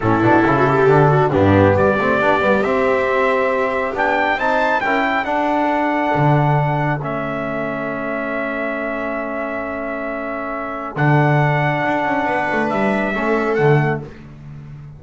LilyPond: <<
  \new Staff \with { instrumentName = "trumpet" } { \time 4/4 \tempo 4 = 137 a'2. g'4 | d''2 e''2~ | e''4 g''4 a''4 g''4 | fis''1 |
e''1~ | e''1~ | e''4 fis''2.~ | fis''4 e''2 fis''4 | }
  \new Staff \with { instrumentName = "viola" } { \time 4/4 e'4~ e'16 fis'16 g'4 fis'8 d'4 | g'1~ | g'2 c''4 ais'8 a'8~ | a'1~ |
a'1~ | a'1~ | a'1 | b'2 a'2 | }
  \new Staff \with { instrumentName = "trombone" } { \time 4/4 cis'8 d'8 e'4 d'4 b4~ | b8 c'8 d'8 b8 c'2~ | c'4 d'4 dis'4 e'4 | d'1 |
cis'1~ | cis'1~ | cis'4 d'2.~ | d'2 cis'4 a4 | }
  \new Staff \with { instrumentName = "double bass" } { \time 4/4 a,8 b,8 cis4 d4 g,4 | g8 a8 b8 g8 c'2~ | c'4 b4 c'4 cis'4 | d'2 d2 |
a1~ | a1~ | a4 d2 d'8 cis'8 | b8 a8 g4 a4 d4 | }
>>